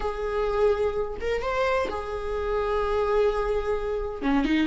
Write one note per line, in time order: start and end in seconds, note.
0.00 1.17 G#4
1.20 1.41 A#4
1.41 1.88 C5
1.89 4.22 G#4
4.22 4.44 C#4
4.44 4.67 D#4